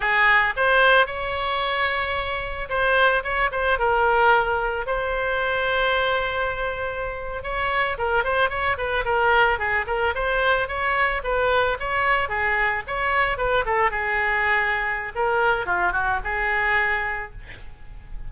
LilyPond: \new Staff \with { instrumentName = "oboe" } { \time 4/4 \tempo 4 = 111 gis'4 c''4 cis''2~ | cis''4 c''4 cis''8 c''8 ais'4~ | ais'4 c''2.~ | c''4.~ c''16 cis''4 ais'8 c''8 cis''16~ |
cis''16 b'8 ais'4 gis'8 ais'8 c''4 cis''16~ | cis''8. b'4 cis''4 gis'4 cis''16~ | cis''8. b'8 a'8 gis'2~ gis'16 | ais'4 f'8 fis'8 gis'2 | }